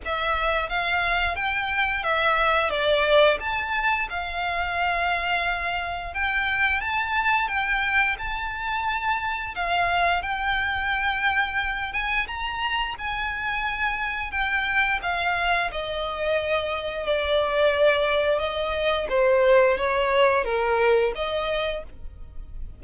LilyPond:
\new Staff \with { instrumentName = "violin" } { \time 4/4 \tempo 4 = 88 e''4 f''4 g''4 e''4 | d''4 a''4 f''2~ | f''4 g''4 a''4 g''4 | a''2 f''4 g''4~ |
g''4. gis''8 ais''4 gis''4~ | gis''4 g''4 f''4 dis''4~ | dis''4 d''2 dis''4 | c''4 cis''4 ais'4 dis''4 | }